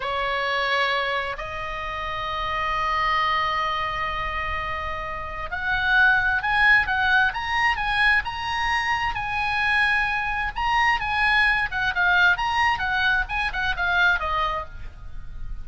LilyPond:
\new Staff \with { instrumentName = "oboe" } { \time 4/4 \tempo 4 = 131 cis''2. dis''4~ | dis''1~ | dis''1 | fis''2 gis''4 fis''4 |
ais''4 gis''4 ais''2 | gis''2. ais''4 | gis''4. fis''8 f''4 ais''4 | fis''4 gis''8 fis''8 f''4 dis''4 | }